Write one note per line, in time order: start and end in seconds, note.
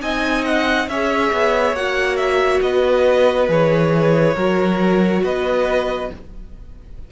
0.00 0.88 C4
0.00 0.87 D#4
0.00 0.89 D#5
0.00 0.45 G#5
0.45 0.89 F#5
0.88 1.32 C#4
0.88 1.76 G#4
0.88 2.64 C#5
0.88 1.76 E5
1.33 1.73 B3
1.73 2.60 A#3
1.73 3.48 F#4
1.73 2.17 F#5
2.17 2.60 E5
2.61 3.49 B3
2.61 4.35 B4
2.61 3.48 D#5
3.48 4.36 E3
3.48 4.35 G#4
3.48 5.24 C#5
4.35 5.23 F#3
4.35 6.11 F#4
4.35 5.22 A#4
5.24 6.11 B3
5.24 6.11 B4
5.24 6.11 D#5